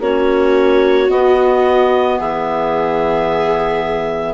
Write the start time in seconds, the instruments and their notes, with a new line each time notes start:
0.00 bassoon A#3, clarinet C#4 C#5, viola F#4
1.08 clarinet B3 D#5, bassoon B3
2.18 bassoon E3, viola G#4, clarinet E5